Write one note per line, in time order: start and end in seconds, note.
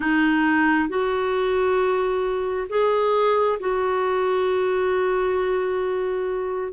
0.00 0.88 D#4
0.88 2.67 F#4
2.69 3.58 G#4
3.59 6.72 F#4